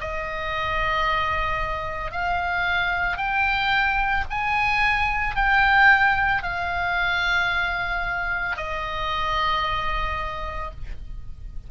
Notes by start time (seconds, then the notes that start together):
0.00 D#5
2.11 F5
3.17 G5
4.30 G#5
5.36 G5
6.43 F5
8.57 D#5